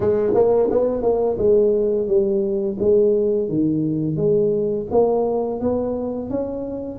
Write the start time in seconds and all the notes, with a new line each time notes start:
0.00 G#3
0.34 A#3
0.70 B3
1.02 A#3
1.38 G#3
2.07 G3
2.79 G#3
3.49 D#3
4.16 G#3
4.91 A#3
5.60 B3
6.29 C#4